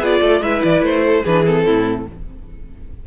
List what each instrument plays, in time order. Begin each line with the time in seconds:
0.00 cello B3, viola F4, violin G#4 D5
0.21 cello A3, violin A4
0.42 cello G#3, viola E4, violin B4 E5
0.64 cello E3, violin D5
0.82 cello A3, violin C5
1.06 violin A4
1.24 cello E3, viola D4, violin G#4 B4
1.46 viola C4, violin A4
1.66 cello A2, violin E4